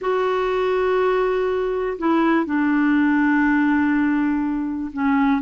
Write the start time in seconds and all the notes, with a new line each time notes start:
0.01 F#4
1.98 E4
2.45 D4
4.93 C#4